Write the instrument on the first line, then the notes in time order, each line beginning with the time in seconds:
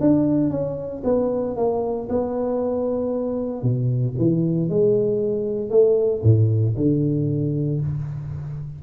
tuba
0.00 D4
0.50 C#4
1.04 B3
1.56 A#3
2.09 B3
3.62 B2
4.18 E3
4.69 G#3
5.70 A3
6.23 A2
6.76 D3